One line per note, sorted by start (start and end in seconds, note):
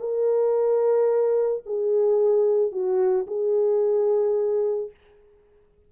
0.00 1.64 A#4
1.66 2.72 G#4
2.72 3.27 F#4
3.27 4.91 G#4